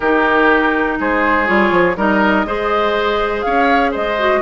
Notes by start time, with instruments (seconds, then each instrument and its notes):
0.00 bassoon D#3, clarinet D#4, oboe G4, flute A#4
0.99 bassoon G#3, oboe G#4, flute C5
1.46 bassoon G3, clarinet F4, flute C#5
1.71 bassoon F3
1.96 bassoon G3, clarinet D#4, oboe A#4, flute D#5
2.45 bassoon G#3, clarinet G#4, oboe C5
3.41 bassoon C#4, oboe C#5, flute F5
3.91 bassoon G#3, oboe C5, flute D#5
4.18 clarinet F#4